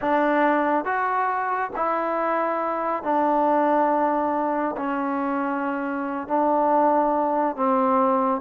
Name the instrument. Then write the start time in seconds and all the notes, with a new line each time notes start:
trombone
0.01 D4
0.84 F#4
1.76 E4
3.03 D4
4.76 C#4
6.27 D4
7.56 C4